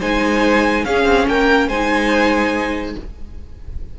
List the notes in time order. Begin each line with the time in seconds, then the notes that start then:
0.00 G#3 D#4 C5 G#5
0.85 C#4 G#4 F5
1.05 C4
1.28 A#3 A#4 G5
1.68 G#3 D#4 C5 G#5